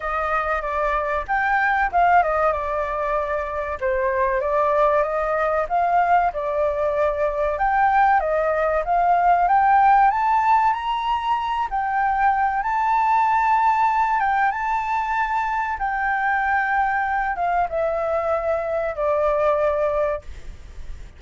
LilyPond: \new Staff \with { instrumentName = "flute" } { \time 4/4 \tempo 4 = 95 dis''4 d''4 g''4 f''8 dis''8 | d''2 c''4 d''4 | dis''4 f''4 d''2 | g''4 dis''4 f''4 g''4 |
a''4 ais''4. g''4. | a''2~ a''8 g''8 a''4~ | a''4 g''2~ g''8 f''8 | e''2 d''2 | }